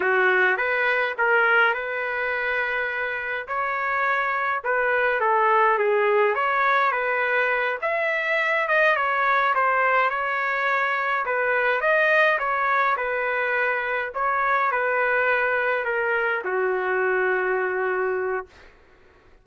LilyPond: \new Staff \with { instrumentName = "trumpet" } { \time 4/4 \tempo 4 = 104 fis'4 b'4 ais'4 b'4~ | b'2 cis''2 | b'4 a'4 gis'4 cis''4 | b'4. e''4. dis''8 cis''8~ |
cis''8 c''4 cis''2 b'8~ | b'8 dis''4 cis''4 b'4.~ | b'8 cis''4 b'2 ais'8~ | ais'8 fis'2.~ fis'8 | }